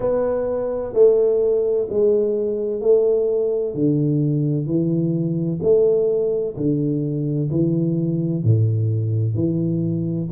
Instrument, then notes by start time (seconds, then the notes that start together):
tuba
0.00 B3
0.93 A3
1.89 G#3
2.80 A3
3.74 D3
4.66 E3
5.62 A3
6.56 D3
7.50 E3
8.43 A2
9.35 E3